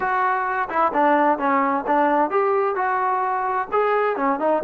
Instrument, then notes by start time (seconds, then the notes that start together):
trombone
0.00 F#4
0.69 E4
0.93 D4
1.38 C#4
1.87 D4
2.30 G4
2.75 F#4
3.72 G#4
4.16 C#4
4.39 D#4